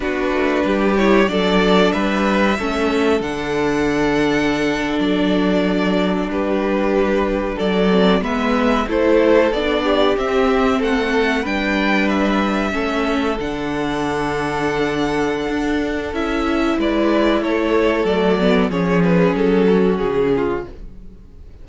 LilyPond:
<<
  \new Staff \with { instrumentName = "violin" } { \time 4/4 \tempo 4 = 93 b'4. cis''8 d''4 e''4~ | e''4 fis''2~ fis''8. d''16~ | d''4.~ d''16 b'2 d''16~ | d''8. e''4 c''4 d''4 e''16~ |
e''8. fis''4 g''4 e''4~ e''16~ | e''8. fis''2.~ fis''16~ | fis''4 e''4 d''4 cis''4 | d''4 cis''8 b'8 a'4 gis'4 | }
  \new Staff \with { instrumentName = "violin" } { \time 4/4 fis'4 g'4 a'4 b'4 | a'1~ | a'4.~ a'16 g'2 a'16~ | a'8. b'4 a'4. g'8.~ |
g'8. a'4 b'2 a'16~ | a'1~ | a'2 b'4 a'4~ | a'4 gis'4. fis'4 f'8 | }
  \new Staff \with { instrumentName = "viola" } { \time 4/4 d'4. e'8 d'2 | cis'4 d'2.~ | d'1~ | d'16 c'8 b4 e'4 d'4 c'16~ |
c'4.~ c'16 d'2 cis'16~ | cis'8. d'2.~ d'16~ | d'4 e'2. | a8 b8 cis'2. | }
  \new Staff \with { instrumentName = "cello" } { \time 4/4 b8 a8 g4 fis4 g4 | a4 d2~ d8. fis16~ | fis4.~ fis16 g2 fis16~ | fis8. gis4 a4 b4 c'16~ |
c'8. a4 g2 a16~ | a8. d2.~ d16 | d'4 cis'4 gis4 a4 | fis4 f4 fis4 cis4 | }
>>